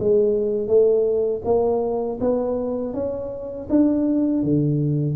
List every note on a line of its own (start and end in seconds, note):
0.00 0.68 G#3
0.68 1.42 A3
1.45 2.20 A#3
2.21 2.94 B3
2.94 3.68 C#4
3.70 4.43 D4
4.43 5.16 D3